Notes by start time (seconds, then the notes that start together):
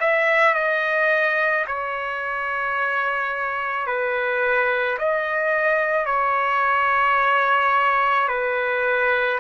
0.00 E5
0.54 D#5
1.67 C#5
3.86 B4
4.98 D#5
6.06 C#5
8.28 B4